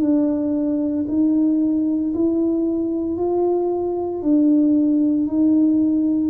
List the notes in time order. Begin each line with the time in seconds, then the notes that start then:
0.00 D4
1.08 D#4
2.14 E4
3.17 F4
4.22 D4
5.27 D#4